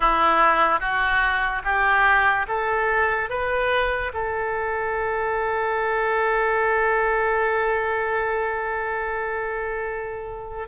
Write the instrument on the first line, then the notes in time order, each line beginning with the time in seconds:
oboe
0.00 E4
0.80 F#4
1.64 G4
2.48 A4
3.29 B4
4.13 A4